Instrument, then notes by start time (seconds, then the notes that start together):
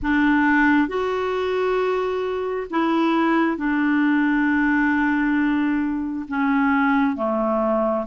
clarinet
0.02 D4
0.88 F#4
2.70 E4
3.57 D4
6.28 C#4
7.16 A3